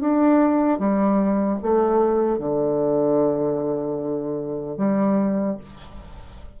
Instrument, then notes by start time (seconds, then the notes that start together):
bassoon
0.00 D4
0.79 G3
1.62 A3
2.38 D3
4.77 G3